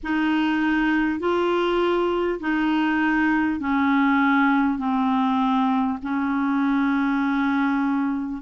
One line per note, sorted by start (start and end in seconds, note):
0.03 1.19 D#4
1.19 2.39 F4
2.39 3.59 D#4
3.59 4.78 C#4
4.78 5.98 C4
6.02 8.42 C#4